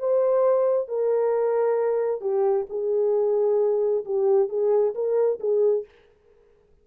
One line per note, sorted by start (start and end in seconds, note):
0.00 0.89 C5
0.89 2.21 A#4
2.21 2.66 G4
2.70 4.05 G#4
4.06 4.50 G4
4.50 4.95 G#4
4.95 5.40 A#4
5.40 5.85 G#4